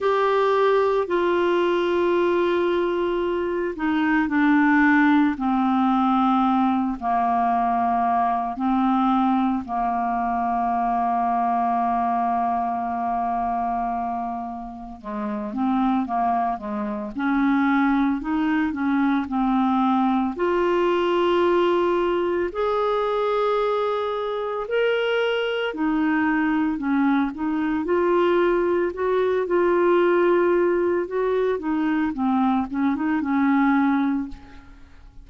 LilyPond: \new Staff \with { instrumentName = "clarinet" } { \time 4/4 \tempo 4 = 56 g'4 f'2~ f'8 dis'8 | d'4 c'4. ais4. | c'4 ais2.~ | ais2 gis8 c'8 ais8 gis8 |
cis'4 dis'8 cis'8 c'4 f'4~ | f'4 gis'2 ais'4 | dis'4 cis'8 dis'8 f'4 fis'8 f'8~ | f'4 fis'8 dis'8 c'8 cis'16 dis'16 cis'4 | }